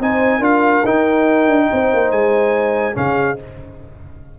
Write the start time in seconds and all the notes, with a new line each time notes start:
0.00 C4 D#4 C5 G#5
0.39 D4 F4 A#4 F5
0.85 D#4 G5
1.48 D4
1.71 C4 C5
1.94 A#3
2.12 G#3 G#5
2.94 C#3 C#4 G#4 F5